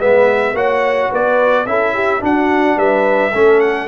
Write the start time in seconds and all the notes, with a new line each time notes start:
0.00 G#3 B3 B4 E5
0.54 A#3 F#4 C#5 F#5
1.11 B3 B4 D5
1.67 C#4 E4 A4 E5
1.94 G4
2.20 D4 F#4 F#5
2.77 G3 B4 E5
3.32 A3 C#4 A4
3.61 F#5